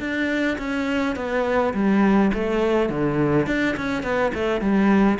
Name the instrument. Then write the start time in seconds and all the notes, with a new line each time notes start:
cello
0.00 D4
0.58 C#4
1.16 B3
1.74 G3
2.34 A3
2.90 D3
3.47 D4
3.77 C#4
4.03 B3
4.34 A3
4.61 G3